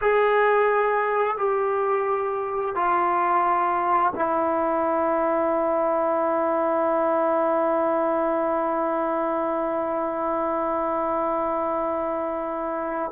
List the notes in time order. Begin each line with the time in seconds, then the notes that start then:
0.01 G#4
1.37 G4
2.75 F4
4.15 E4